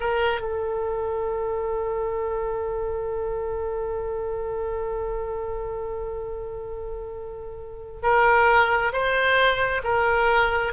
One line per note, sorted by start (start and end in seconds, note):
0.00 0.40 A#4
0.40 8.01 A4
8.02 8.92 A#4
8.92 9.82 C5
9.83 10.73 A#4